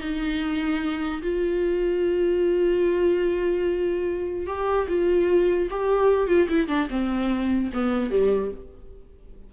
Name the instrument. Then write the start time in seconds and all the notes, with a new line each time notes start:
viola
0.00 D#4
1.22 F4
4.47 G4
4.88 F4
5.70 G4
6.27 F4
6.49 E4
6.68 D4
6.90 C4
7.73 B3
8.10 G3